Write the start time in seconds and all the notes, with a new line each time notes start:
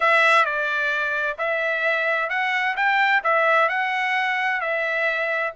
0.00 E5
0.45 D5
1.38 E5
2.29 F#5
2.76 G5
3.23 E5
3.68 F#5
4.60 E5